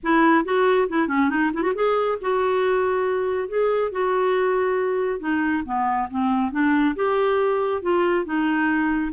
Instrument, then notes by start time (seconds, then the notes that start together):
clarinet
0.03 E4
0.44 F#4
0.89 E4
1.08 C#4
1.29 D#4
1.53 E4
1.62 F#4
1.75 G#4
2.21 F#4
3.48 G#4
3.91 F#4
5.19 D#4
5.65 B3
6.10 C4
6.51 D4
6.95 G4
7.82 F4
8.25 D#4